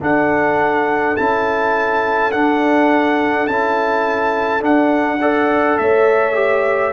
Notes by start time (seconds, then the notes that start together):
0.00 D4 A4 F#5
1.16 C#4 E4 A5
2.31 D4 F#5
3.47 C#4 E4 A5
4.60 D4 F#5
5.20 A4 D5
5.78 A3 C#5 E5
6.34 G4